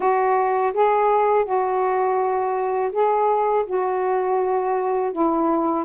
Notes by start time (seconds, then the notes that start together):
0.00 F#4
0.73 G#4
1.45 F#4
2.92 G#4
3.66 F#4
5.12 E4